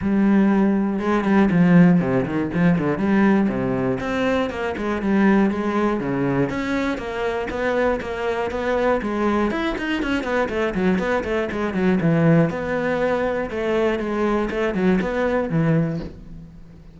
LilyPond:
\new Staff \with { instrumentName = "cello" } { \time 4/4 \tempo 4 = 120 g2 gis8 g8 f4 | c8 dis8 f8 d8 g4 c4 | c'4 ais8 gis8 g4 gis4 | cis4 cis'4 ais4 b4 |
ais4 b4 gis4 e'8 dis'8 | cis'8 b8 a8 fis8 b8 a8 gis8 fis8 | e4 b2 a4 | gis4 a8 fis8 b4 e4 | }